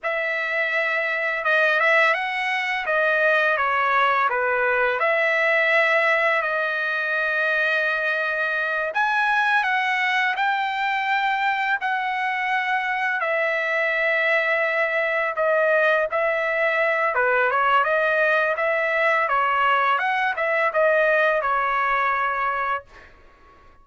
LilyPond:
\new Staff \with { instrumentName = "trumpet" } { \time 4/4 \tempo 4 = 84 e''2 dis''8 e''8 fis''4 | dis''4 cis''4 b'4 e''4~ | e''4 dis''2.~ | dis''8 gis''4 fis''4 g''4.~ |
g''8 fis''2 e''4.~ | e''4. dis''4 e''4. | b'8 cis''8 dis''4 e''4 cis''4 | fis''8 e''8 dis''4 cis''2 | }